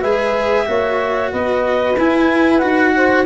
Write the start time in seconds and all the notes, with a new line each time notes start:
0.00 G#3 G#4 B4 E5
0.66 A#3 F#4 C#5
1.31 B3 B4 D#5
1.98 E4 G#5
2.58 D#4 F#4 F#5
2.96 C5